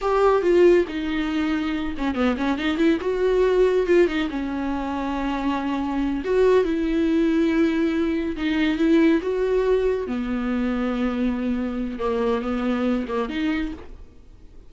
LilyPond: \new Staff \with { instrumentName = "viola" } { \time 4/4 \tempo 4 = 140 g'4 f'4 dis'2~ | dis'8 cis'8 b8 cis'8 dis'8 e'8 fis'4~ | fis'4 f'8 dis'8 cis'2~ | cis'2~ cis'8 fis'4 e'8~ |
e'2.~ e'8 dis'8~ | dis'8 e'4 fis'2 b8~ | b1 | ais4 b4. ais8 dis'4 | }